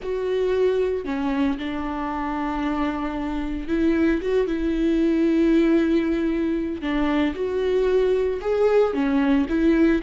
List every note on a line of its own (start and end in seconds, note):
0.02 1.05 F#4
1.05 1.57 C#4
1.58 3.68 D4
3.68 4.20 E4
4.21 4.46 F#4
4.46 6.81 E4
6.81 7.34 D4
7.34 8.40 F#4
8.41 8.93 G#4
8.93 9.46 C#4
9.49 10.01 E4